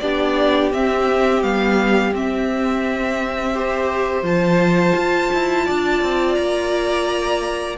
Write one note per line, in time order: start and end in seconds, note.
0.00 0.73 B3
0.00 0.73 D4
0.00 3.55 G4
0.00 0.71 D5
0.73 1.41 C4
0.73 1.43 C4
0.73 1.43 E5
1.41 2.14 G3
1.41 2.12 B3
1.41 2.14 F5
2.14 4.23 C4
2.14 3.55 C4
2.14 4.26 E5
3.55 4.24 G4
3.55 5.66 C5
4.23 4.93 F3
4.23 7.77 F4
4.23 6.35 A5
4.96 5.31 F4
5.34 5.69 E4
5.66 6.03 D4
5.66 7.78 D5
6.03 6.38 C4
6.35 7.79 A#3
6.35 7.77 A#5